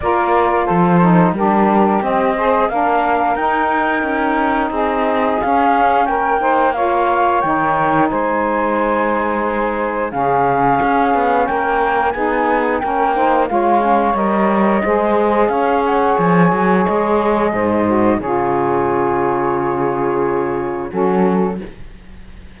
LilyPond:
<<
  \new Staff \with { instrumentName = "flute" } { \time 4/4 \tempo 4 = 89 d''4 c''4 ais'4 dis''4 | f''4 g''2 dis''4 | f''4 g''4 f''4 g''4 | gis''2. f''4~ |
f''4 g''4 gis''4 g''4 | f''4 dis''2 f''8 fis''8 | gis''4 dis''2 cis''4~ | cis''2. a'4 | }
  \new Staff \with { instrumentName = "saxophone" } { \time 4/4 ais'4 a'4 g'4. c''8 | ais'2. gis'4~ | gis'4 ais'8 c''8 cis''2 | c''2. gis'4~ |
gis'4 ais'4 gis'4 ais'8 c''8 | cis''2 c''4 cis''4~ | cis''2 c''4 gis'4~ | gis'2. fis'4 | }
  \new Staff \with { instrumentName = "saxophone" } { \time 4/4 f'4. dis'8 d'4 c'8 gis'8 | d'4 dis'2. | cis'4. dis'8 f'4 dis'4~ | dis'2. cis'4~ |
cis'2 dis'4 cis'8 dis'8 | f'8 cis'8 ais'4 gis'2~ | gis'2~ gis'8 fis'8 f'4~ | f'2. cis'4 | }
  \new Staff \with { instrumentName = "cello" } { \time 4/4 ais4 f4 g4 c'4 | ais4 dis'4 cis'4 c'4 | cis'4 ais2 dis4 | gis2. cis4 |
cis'8 b8 ais4 b4 ais4 | gis4 g4 gis4 cis'4 | f8 fis8 gis4 gis,4 cis4~ | cis2. fis4 | }
>>